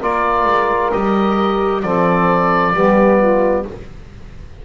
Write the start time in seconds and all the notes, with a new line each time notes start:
0.00 A#3 F4 A#4 D5
0.46 G#3
0.91 G3 G4 D#5
1.82 F3 C4 A4 D5
2.73 G3 B3 G4
3.19 F4